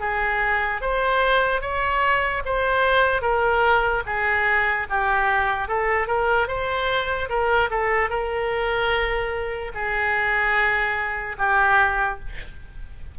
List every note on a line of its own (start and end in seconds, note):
0.00 0.81 G#4
0.81 1.61 C5
1.61 2.42 C#5
2.45 3.22 C5
3.22 4.03 A#4
4.06 4.87 G#4
4.90 5.68 G4
5.68 6.07 A4
6.07 6.48 A#4
6.48 7.29 C5
7.29 7.70 A#4
7.70 8.09 A4
8.09 9.71 A#4
9.74 11.36 G#4
11.38 12.19 G4